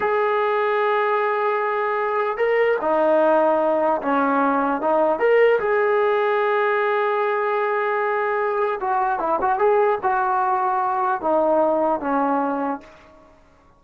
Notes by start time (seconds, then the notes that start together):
0.00 G#4
2.37 A#4
2.81 D#4
4.01 C#4
4.81 D#4
5.19 A#4
5.59 G#4
8.80 F#4
9.19 E4
9.41 F#4
9.58 G#4
10.02 F#4
11.21 D#4
12.00 C#4